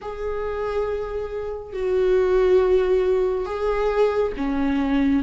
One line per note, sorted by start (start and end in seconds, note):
0.01 1.73 G#4
1.73 3.45 F#4
3.45 4.32 G#4
4.36 5.23 C#4